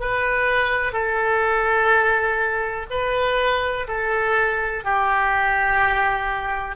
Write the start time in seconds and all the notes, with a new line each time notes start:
0.00 B4
0.92 A4
2.90 B4
3.88 A4
4.84 G4